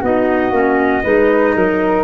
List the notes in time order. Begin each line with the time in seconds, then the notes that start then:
0.00 B3 D#4 F#4 D#5
0.51 A#3 C#4
1.03 G#3 D#4 B4
1.55 F#3 A#4